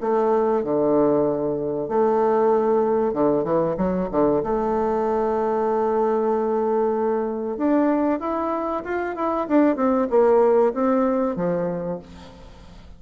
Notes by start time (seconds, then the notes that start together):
0.00 A3
0.63 D3
1.88 A3
3.13 D3
3.44 E3
3.77 F#3
4.11 D3
4.43 A3
7.57 D4
8.19 E4
8.84 F4
9.15 E4
9.48 D4
9.76 C4
10.10 A#3
10.73 C4
11.36 F3